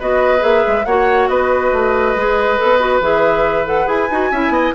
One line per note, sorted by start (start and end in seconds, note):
0.00 0.43 B3
0.00 0.40 F#4
0.00 0.86 B4
0.00 0.43 D#5
0.40 0.65 A#3
0.40 0.83 G#4
0.40 0.85 E5
0.68 0.86 G#3
0.85 1.29 A#3
0.85 2.18 F#4
0.85 1.30 C#5
0.85 1.29 F#5
1.29 1.72 B3
1.29 4.31 B4
1.29 3.01 D#5
1.73 2.16 A3
2.16 2.59 G#3
2.16 2.58 G#4
2.58 3.01 B3
2.58 2.79 A4
2.80 3.01 F#4
3.01 3.87 E3
3.01 3.66 G#4
3.01 3.67 E5
3.66 3.86 A4
3.66 3.88 F#5
3.86 4.09 E4
3.86 4.08 G#4
3.86 4.75 G#5
4.11 4.32 D#4
4.11 4.33 F#4
4.31 4.50 C#4
4.31 4.75 E4
4.31 4.53 E5
4.50 4.71 B3
4.50 4.75 D#5